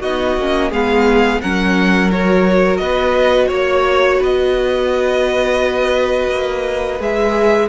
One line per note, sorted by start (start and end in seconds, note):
0.00 0.37 B3
0.00 0.37 D#4
0.00 0.70 F#4
0.00 0.72 D#5
0.37 0.72 A#3
0.37 0.73 C#4
0.70 1.41 G#3
0.70 1.43 B3
0.70 1.40 G#4
0.70 1.41 F5
1.41 2.80 F#3
1.41 2.11 C#4
1.41 2.81 A#4
1.41 2.11 F#5
2.11 7.00 F#4
2.11 2.77 C#5
2.77 3.50 B3
2.77 3.48 B4
2.77 3.47 D#5
3.48 4.20 A#3
3.48 4.18 C#5
3.54 4.23 C#5
4.19 6.31 B3
4.19 7.68 B4
4.19 7.02 D#5
6.31 7.00 A#3
7.00 7.69 G#3
7.00 7.69 G#4
7.00 7.69 E5